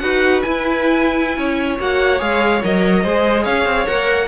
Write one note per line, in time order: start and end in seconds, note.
0.00 0.43 D#4
0.00 0.43 F#4
0.00 1.38 B4
0.00 0.42 F#5
0.42 1.79 E4
0.42 1.37 E4
0.42 1.78 G#5
1.37 1.79 C#4
1.37 3.03 C#5
1.79 2.21 A#3
1.79 2.19 F#4
1.79 2.21 F#5
2.19 2.62 G#3
2.19 2.61 G#4
2.19 2.62 F5
2.63 3.05 F#3
2.63 3.05 A#4
2.63 3.45 D#5
3.03 3.46 G#3
3.03 3.86 G#4
3.03 3.43 C5
3.43 3.66 C#4
3.43 4.27 C#5
3.43 3.87 F5
3.66 3.86 C4
3.86 4.28 A#3
3.86 4.28 A#4
3.86 4.28 F#5